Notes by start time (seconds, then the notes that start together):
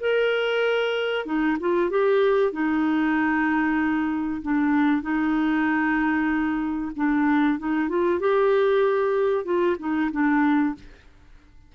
0.00 A#4
1.26 D#4
1.60 F4
1.90 G4
2.52 D#4
4.42 D4
5.02 D#4
6.96 D4
7.59 D#4
7.89 F4
8.20 G4
9.45 F4
9.80 D#4
10.12 D4